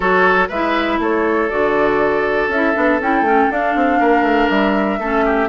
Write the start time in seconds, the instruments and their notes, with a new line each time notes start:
0.00 bassoon F#3, clarinet F#4, oboe A4, flute C#5
0.48 bassoon G#3, clarinet E4, oboe B4, flute E5
0.98 bassoon A3, oboe A4, flute C#5
1.49 bassoon D3, clarinet F#4, flute D5
2.48 bassoon C#4, flute E5
2.55 clarinet E4
2.74 bassoon B3, clarinet D4
3.00 bassoon C#4, clarinet E4, flute G5
3.21 bassoon A3, clarinet C#4
3.50 bassoon D4, clarinet D4, flute F5
3.75 bassoon C4
3.99 bassoon A#3, oboe A#4
4.22 bassoon A3
4.49 bassoon G3, flute E5
4.99 bassoon A3, clarinet C#4, oboe A4
5.25 oboe G4